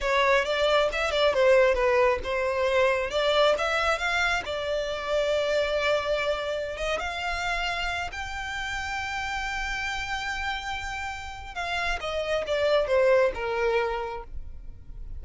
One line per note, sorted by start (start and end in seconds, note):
0.01 0.44 C#5
0.44 0.89 D5
0.92 1.11 E5
1.11 1.33 D5
1.33 1.74 C5
1.74 2.19 B4
2.23 3.10 C5
3.10 3.55 D5
3.58 3.98 E5
3.98 4.42 F5
4.45 6.77 D5
6.77 6.99 D#5
6.99 8.10 F5
8.12 11.54 G5
11.54 11.99 F5
12.00 12.44 D#5
12.46 12.87 D5
12.87 13.31 C5
13.34 14.23 A#4